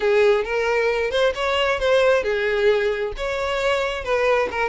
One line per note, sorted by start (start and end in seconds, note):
0.00 0.44 G#4
0.44 1.11 A#4
1.11 1.33 C5
1.34 1.79 C#5
1.79 2.23 C5
2.23 3.12 G#4
3.16 4.04 C#5
4.04 4.48 B4
4.51 4.69 A#4